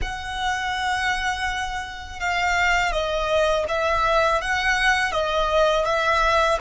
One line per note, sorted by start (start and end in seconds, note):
0.01 2.20 F#5
2.20 2.92 F5
2.92 3.65 D#5
3.68 4.41 E5
4.41 5.12 F#5
5.12 5.85 D#5
5.85 6.58 E5